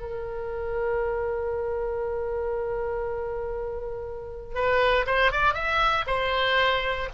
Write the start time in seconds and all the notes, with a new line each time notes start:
0.00 A#4
4.55 B4
5.06 C5
5.32 D5
5.54 E5
6.07 C5